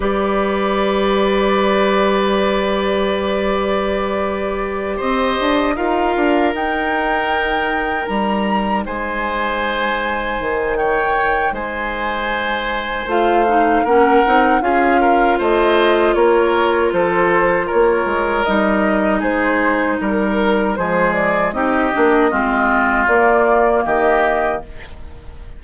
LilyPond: <<
  \new Staff \with { instrumentName = "flute" } { \time 4/4 \tempo 4 = 78 d''1~ | d''2~ d''8 dis''4 f''8~ | f''8 g''2 ais''4 gis''8~ | gis''2 g''4 gis''4~ |
gis''4 f''4 fis''4 f''4 | dis''4 cis''4 c''4 cis''4 | dis''4 c''4 ais'4 c''8 d''8 | dis''2 d''4 dis''4 | }
  \new Staff \with { instrumentName = "oboe" } { \time 4/4 b'1~ | b'2~ b'8 c''4 ais'8~ | ais'2.~ ais'8 c''8~ | c''2 cis''4 c''4~ |
c''2 ais'4 gis'8 ais'8 | c''4 ais'4 a'4 ais'4~ | ais'4 gis'4 ais'4 gis'4 | g'4 f'2 g'4 | }
  \new Staff \with { instrumentName = "clarinet" } { \time 4/4 g'1~ | g'2.~ g'8 f'8~ | f'8 dis'2.~ dis'8~ | dis'1~ |
dis'4 f'8 dis'8 cis'8 dis'8 f'4~ | f'1 | dis'2. gis4 | dis'8 d'8 c'4 ais2 | }
  \new Staff \with { instrumentName = "bassoon" } { \time 4/4 g1~ | g2~ g8 c'8 d'8 dis'8 | d'8 dis'2 g4 gis8~ | gis4. dis4. gis4~ |
gis4 a4 ais8 c'8 cis'4 | a4 ais4 f4 ais8 gis8 | g4 gis4 g4 f4 | c'8 ais8 gis4 ais4 dis4 | }
>>